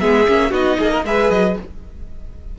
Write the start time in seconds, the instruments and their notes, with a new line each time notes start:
0.00 cello G#3, viola B3, violin G#4 E5
0.27 cello A#3, viola C#4
0.50 cello B3, viola D#4, violin F#4 D#5
0.79 cello A#3, violin G#4
0.91 violin A#4
1.04 cello G#3, viola G#4, violin B4 E5
1.30 cello F#3, violin D#5